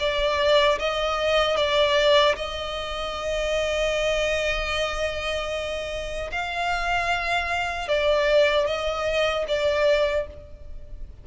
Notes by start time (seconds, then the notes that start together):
0.00 D5
0.79 D#5
1.57 D5
2.36 D#5
6.32 F5
7.89 D5
8.67 D#5
9.48 D5